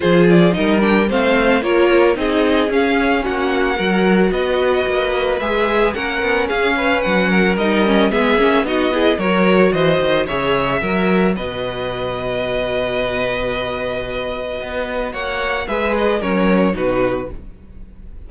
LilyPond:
<<
  \new Staff \with { instrumentName = "violin" } { \time 4/4 \tempo 4 = 111 c''8 d''8 dis''8 g''8 f''4 cis''4 | dis''4 f''4 fis''2 | dis''2 e''4 fis''4 | f''4 fis''4 dis''4 e''4 |
dis''4 cis''4 dis''4 e''4~ | e''4 dis''2.~ | dis''1 | fis''4 e''8 dis''8 cis''4 b'4 | }
  \new Staff \with { instrumentName = "violin" } { \time 4/4 gis'4 ais'4 c''4 ais'4 | gis'2 fis'4 ais'4 | b'2. ais'4 | gis'8 b'4 ais'4. gis'4 |
fis'8 gis'8 ais'4 c''4 cis''4 | ais'4 b'2.~ | b'1 | cis''4 b'4 ais'4 fis'4 | }
  \new Staff \with { instrumentName = "viola" } { \time 4/4 f'4 dis'8 d'8 c'4 f'4 | dis'4 cis'2 fis'4~ | fis'2 gis'4 cis'4~ | cis'2 dis'8 cis'8 b8 cis'8 |
dis'8 e'8 fis'2 gis'4 | fis'1~ | fis'1~ | fis'4 gis'4 cis'4 dis'4 | }
  \new Staff \with { instrumentName = "cello" } { \time 4/4 f4 g4 a4 ais4 | c'4 cis'4 ais4 fis4 | b4 ais4 gis4 ais8 b8 | cis'4 fis4 g4 gis8 ais8 |
b4 fis4 e8 dis8 cis4 | fis4 b,2.~ | b,2. b4 | ais4 gis4 fis4 b,4 | }
>>